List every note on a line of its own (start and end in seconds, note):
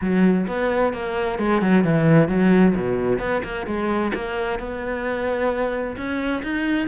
0.01 0.46 F#3
0.47 0.93 B3
0.93 1.38 A#3
1.38 1.61 G#3
1.61 1.84 F#3
1.84 2.28 E3
2.28 2.74 F#3
2.75 3.19 B2
3.19 3.42 B3
3.43 3.66 A#3
3.66 4.12 G#3
4.14 4.59 A#3
4.59 5.96 B3
5.96 6.42 C#4
6.42 6.87 D#4